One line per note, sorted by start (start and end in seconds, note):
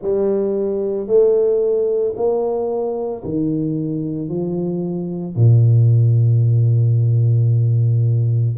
0.01 1.07 G3
1.07 2.14 A3
2.16 3.23 A#3
3.23 4.29 D#3
4.29 5.35 F3
5.35 8.57 A#2